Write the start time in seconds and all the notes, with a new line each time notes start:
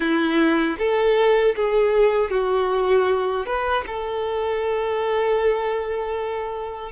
0.00 E4
0.78 A4
1.55 G#4
2.30 F#4
3.45 B4
3.86 A4